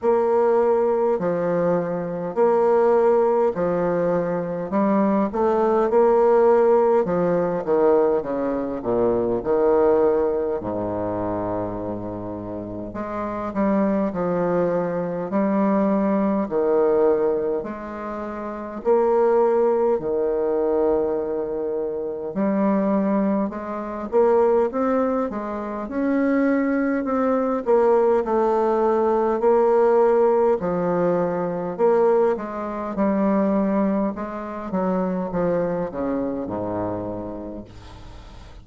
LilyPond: \new Staff \with { instrumentName = "bassoon" } { \time 4/4 \tempo 4 = 51 ais4 f4 ais4 f4 | g8 a8 ais4 f8 dis8 cis8 ais,8 | dis4 gis,2 gis8 g8 | f4 g4 dis4 gis4 |
ais4 dis2 g4 | gis8 ais8 c'8 gis8 cis'4 c'8 ais8 | a4 ais4 f4 ais8 gis8 | g4 gis8 fis8 f8 cis8 gis,4 | }